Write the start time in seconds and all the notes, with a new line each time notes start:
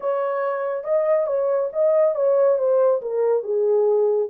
0.00 C#5
0.84 D#5
1.26 C#5
1.72 D#5
2.15 C#5
2.58 C5
3.01 A#4
3.43 G#4